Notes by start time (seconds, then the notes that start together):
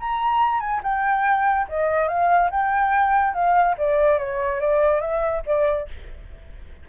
0.00 A#5
0.60 G#5
0.84 G5
1.69 D#5
2.09 F5
2.51 G5
3.34 F5
3.78 D5
4.19 C#5
4.61 D5
5.01 E5
5.47 D5